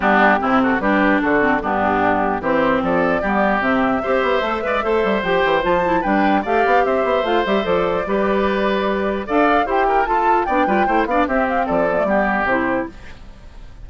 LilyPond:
<<
  \new Staff \with { instrumentName = "flute" } { \time 4/4 \tempo 4 = 149 g'4. a'8 b'4 a'4 | g'2 c''4 d''4~ | d''4 e''2.~ | e''4 g''4 a''4 g''4 |
f''4 e''4 f''8 e''8 d''4~ | d''2. f''4 | g''4 a''4 g''4. f''8 | e''8 f''8 d''2 c''4 | }
  \new Staff \with { instrumentName = "oboe" } { \time 4/4 d'4 e'8 fis'8 g'4 fis'4 | d'2 g'4 a'4 | g'2 c''4. d''8 | c''2. b'4 |
d''4 c''2. | b'2. d''4 | c''8 ais'8 a'4 d''8 b'8 c''8 d''8 | g'4 a'4 g'2 | }
  \new Staff \with { instrumentName = "clarinet" } { \time 4/4 b4 c'4 d'4. c'8 | b2 c'2 | b4 c'4 g'4 a'8 b'8 | a'4 g'4 f'8 e'8 d'4 |
g'2 f'8 g'8 a'4 | g'2. a'4 | g'4 f'4 d'8 f'8 e'8 d'8 | c'4. b16 a16 b4 e'4 | }
  \new Staff \with { instrumentName = "bassoon" } { \time 4/4 g4 c4 g4 d4 | g,2 e4 f4 | g4 c4 c'8 b8 a8 gis8 | a8 g8 f8 e8 f4 g4 |
a8 b8 c'8 b8 a8 g8 f4 | g2. d'4 | e'4 f'4 b8 g8 a8 b8 | c'4 f4 g4 c4 | }
>>